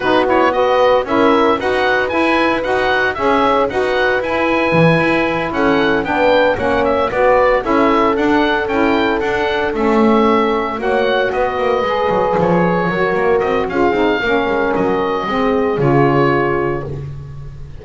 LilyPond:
<<
  \new Staff \with { instrumentName = "oboe" } { \time 4/4 \tempo 4 = 114 b'8 cis''8 dis''4 e''4 fis''4 | gis''4 fis''4 e''4 fis''4 | gis''2~ gis''8 fis''4 g''8~ | g''8 fis''8 e''8 d''4 e''4 fis''8~ |
fis''8 g''4 fis''4 e''4.~ | e''8 fis''4 dis''2 cis''8~ | cis''4. dis''8 f''2 | dis''2 cis''2 | }
  \new Staff \with { instrumentName = "horn" } { \time 4/4 fis'4 b'4 ais'4 b'4~ | b'2 cis''4 b'4~ | b'2~ b'8 a'4 b'8~ | b'8 cis''4 b'4 a'4.~ |
a'1~ | a'8 cis''4 b'2~ b'8~ | b'8 ais'4. gis'4 ais'4~ | ais'4 gis'2. | }
  \new Staff \with { instrumentName = "saxophone" } { \time 4/4 dis'8 e'8 fis'4 e'4 fis'4 | e'4 fis'4 gis'4 fis'4 | e'2.~ e'8 d'8~ | d'8 cis'4 fis'4 e'4 d'8~ |
d'8 e'4 d'4 cis'4.~ | cis'8 fis'2 gis'4.~ | gis'8 fis'4. f'8 dis'8 cis'4~ | cis'4 c'4 f'2 | }
  \new Staff \with { instrumentName = "double bass" } { \time 4/4 b2 cis'4 dis'4 | e'4 dis'4 cis'4 dis'4 | e'4 e8 e'4 cis'4 b8~ | b8 ais4 b4 cis'4 d'8~ |
d'8 cis'4 d'4 a4.~ | a8 ais4 b8 ais8 gis8 fis8 f8~ | f8 fis8 ais8 c'8 cis'8 c'8 ais8 gis8 | fis4 gis4 cis2 | }
>>